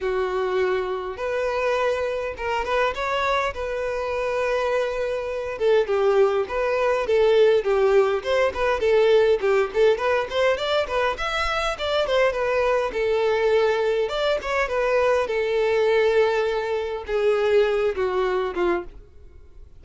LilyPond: \new Staff \with { instrumentName = "violin" } { \time 4/4 \tempo 4 = 102 fis'2 b'2 | ais'8 b'8 cis''4 b'2~ | b'4. a'8 g'4 b'4 | a'4 g'4 c''8 b'8 a'4 |
g'8 a'8 b'8 c''8 d''8 b'8 e''4 | d''8 c''8 b'4 a'2 | d''8 cis''8 b'4 a'2~ | a'4 gis'4. fis'4 f'8 | }